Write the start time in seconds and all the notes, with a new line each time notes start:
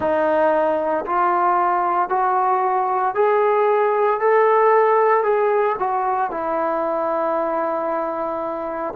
0.00 D#4
1.06 F4
2.09 F#4
3.14 G#4
4.20 A4
5.23 G#4
5.78 F#4
6.30 E4